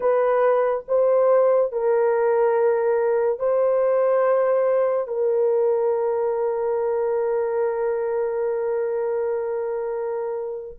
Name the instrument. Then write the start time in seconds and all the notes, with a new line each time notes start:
horn
0.00 B4
0.88 C5
1.71 A#4
3.39 C5
5.07 A#4